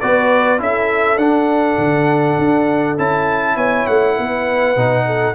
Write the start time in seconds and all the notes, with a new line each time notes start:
0.00 B3 F#4 B4 D5
0.59 C#4 E4 A4 E5
1.16 D4 F#5
1.78 D3
2.38 D4
2.98 C#4 E4 A5
3.55 B3 C#5 G#5
3.86 A3 F#5
4.16 B3 B4
4.76 B2 D#4
5.06 A4